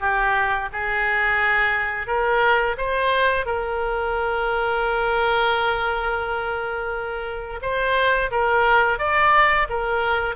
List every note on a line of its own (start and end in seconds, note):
0.00 0.69 G4
0.73 2.07 G#4
2.07 2.76 A#4
2.78 3.46 C5
3.46 7.60 A#4
7.62 8.31 C5
8.31 8.99 A#4
8.99 9.68 D5
9.70 10.35 A#4